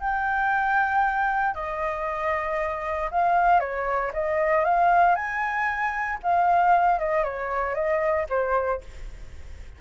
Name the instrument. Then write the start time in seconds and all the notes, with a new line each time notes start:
flute
0.00 G5
1.54 D#5
3.11 F5
3.60 C#5
4.14 D#5
4.65 F5
5.15 G#5
6.23 F5
6.99 D#5
7.24 C#5
7.74 D#5
8.29 C5